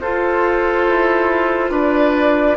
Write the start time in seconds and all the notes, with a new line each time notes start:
0.00 F4 A4 C5
0.88 E4
1.70 D4 B4 D5